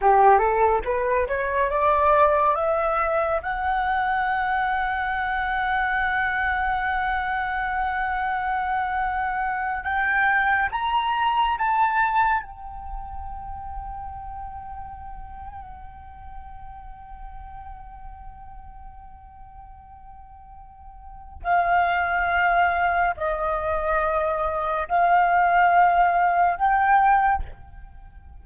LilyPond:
\new Staff \with { instrumentName = "flute" } { \time 4/4 \tempo 4 = 70 g'8 a'8 b'8 cis''8 d''4 e''4 | fis''1~ | fis''2.~ fis''8 g''8~ | g''8 ais''4 a''4 g''4.~ |
g''1~ | g''1~ | g''4 f''2 dis''4~ | dis''4 f''2 g''4 | }